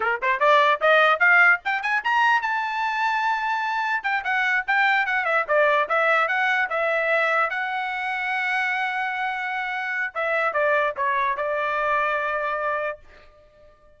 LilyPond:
\new Staff \with { instrumentName = "trumpet" } { \time 4/4 \tempo 4 = 148 ais'8 c''8 d''4 dis''4 f''4 | g''8 gis''8 ais''4 a''2~ | a''2 g''8 fis''4 g''8~ | g''8 fis''8 e''8 d''4 e''4 fis''8~ |
fis''8 e''2 fis''4.~ | fis''1~ | fis''4 e''4 d''4 cis''4 | d''1 | }